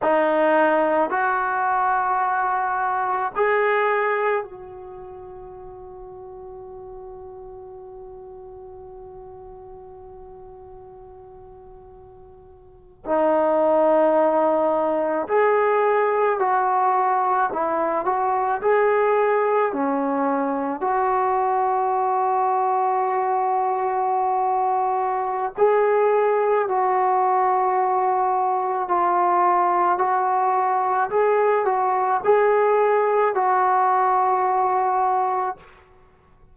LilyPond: \new Staff \with { instrumentName = "trombone" } { \time 4/4 \tempo 4 = 54 dis'4 fis'2 gis'4 | fis'1~ | fis'2.~ fis'8. dis'16~ | dis'4.~ dis'16 gis'4 fis'4 e'16~ |
e'16 fis'8 gis'4 cis'4 fis'4~ fis'16~ | fis'2. gis'4 | fis'2 f'4 fis'4 | gis'8 fis'8 gis'4 fis'2 | }